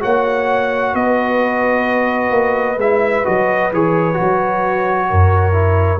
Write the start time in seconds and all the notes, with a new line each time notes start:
0.00 A#3 F#4 C#5 F#5
0.94 B3 B4 D#5
2.30 A#3
2.77 G#3 E4 E5
3.24 F#3 F#4 D#5
3.72 E3 G#4 C#5
4.13 F#3 F#4
5.09 F#2 A#4
5.52 E4